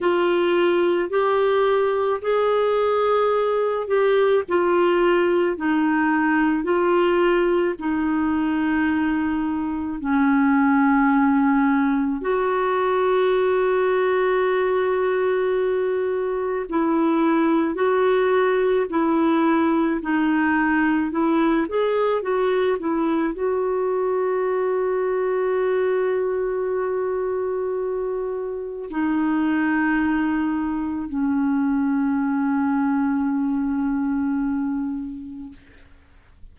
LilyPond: \new Staff \with { instrumentName = "clarinet" } { \time 4/4 \tempo 4 = 54 f'4 g'4 gis'4. g'8 | f'4 dis'4 f'4 dis'4~ | dis'4 cis'2 fis'4~ | fis'2. e'4 |
fis'4 e'4 dis'4 e'8 gis'8 | fis'8 e'8 fis'2.~ | fis'2 dis'2 | cis'1 | }